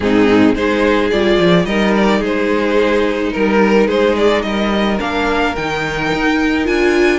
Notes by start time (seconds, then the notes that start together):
0.00 G#2 C4 D#4 G#4
0.54 G#3 D#4 G#4 C5
1.11 G3 F4 D5
1.38 F3
1.64 G3 D#4 A#4 D#5
1.95 D5
2.19 G#3 G#4 C5
3.32 G3 A#4
3.87 G#3 G#4 C5
4.16 D5
4.42 G3 A#4 D#5
4.99 A#3 D4 F5
5.55 D#3 D#4 G5
6.14 D#4
6.64 D4 F4 G#5